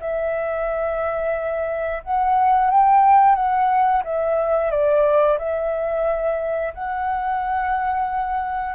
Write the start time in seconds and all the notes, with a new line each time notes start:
0.00 E5
2.03 F#5
2.71 G5
3.35 F#5
4.04 E5
4.71 D5
5.39 E5
6.74 F#5